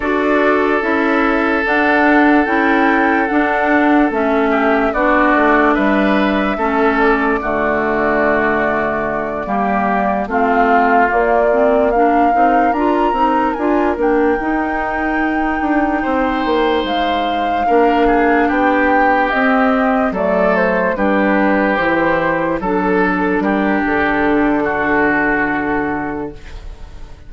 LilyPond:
<<
  \new Staff \with { instrumentName = "flute" } { \time 4/4 \tempo 4 = 73 d''4 e''4 fis''4 g''4 | fis''4 e''4 d''4 e''4~ | e''8 d''2.~ d''8~ | d''8 f''4 d''4 f''4 ais''8~ |
ais''8 gis''8 g''2.~ | g''8 f''2 g''4 dis''8~ | dis''8 d''8 c''8 b'4 c''4 a'8~ | a'8 ais'8 a'2. | }
  \new Staff \with { instrumentName = "oboe" } { \time 4/4 a'1~ | a'4. g'8 fis'4 b'4 | a'4 fis'2~ fis'8 g'8~ | g'8 f'2 ais'4.~ |
ais'2.~ ais'8 c''8~ | c''4. ais'8 gis'8 g'4.~ | g'8 a'4 g'2 a'8~ | a'8 g'4. fis'2 | }
  \new Staff \with { instrumentName = "clarinet" } { \time 4/4 fis'4 e'4 d'4 e'4 | d'4 cis'4 d'2 | cis'4 a2~ a8 ais8~ | ais8 c'4 ais8 c'8 d'8 dis'8 f'8 |
dis'8 f'8 d'8 dis'2~ dis'8~ | dis'4. d'2 c'8~ | c'8 a4 d'4 e'4 d'8~ | d'1 | }
  \new Staff \with { instrumentName = "bassoon" } { \time 4/4 d'4 cis'4 d'4 cis'4 | d'4 a4 b8 a8 g4 | a4 d2~ d8 g8~ | g8 a4 ais4. c'8 d'8 |
c'8 d'8 ais8 dis'4. d'8 c'8 | ais8 gis4 ais4 b4 c'8~ | c'8 fis4 g4 e4 fis8~ | fis8 g8 d2. | }
>>